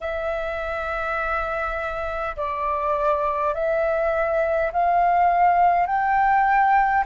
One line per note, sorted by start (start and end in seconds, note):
0.01 2.36 E5
2.36 3.53 D5
3.53 4.71 E5
4.72 5.86 F5
5.86 7.04 G5